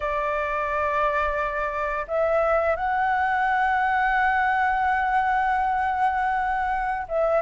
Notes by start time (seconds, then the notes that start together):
0.00 D5
2.07 E5
2.76 F#5
7.08 E5